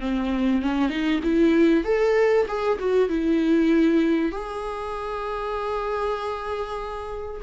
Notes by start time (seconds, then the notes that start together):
0.00 C4
0.62 C#4
0.89 D#4
1.23 E4
1.84 A4
2.47 G#4
2.79 F#4
3.09 E4
4.32 G#4